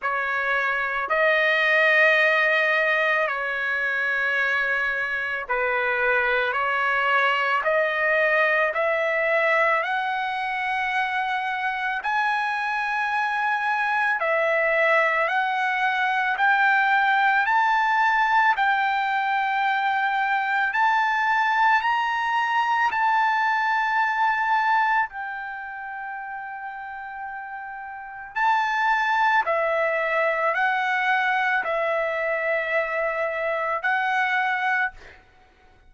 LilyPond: \new Staff \with { instrumentName = "trumpet" } { \time 4/4 \tempo 4 = 55 cis''4 dis''2 cis''4~ | cis''4 b'4 cis''4 dis''4 | e''4 fis''2 gis''4~ | gis''4 e''4 fis''4 g''4 |
a''4 g''2 a''4 | ais''4 a''2 g''4~ | g''2 a''4 e''4 | fis''4 e''2 fis''4 | }